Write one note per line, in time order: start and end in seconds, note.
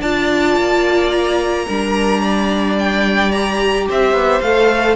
0.00 0.56 D4
0.00 1.68 F4
0.00 1.65 D5
0.00 1.10 A5
0.56 1.66 A#3
1.10 2.76 A#5
1.66 3.88 G3
1.66 3.32 D4
1.66 2.21 A#4
2.21 3.86 D5
2.78 3.31 G5
3.31 4.42 G4
3.31 3.86 A#5
3.88 4.12 C4
3.88 4.95 C5
3.88 4.41 E5
4.12 4.40 B3
4.41 4.95 A3
4.41 4.95 A4
4.41 4.95 F5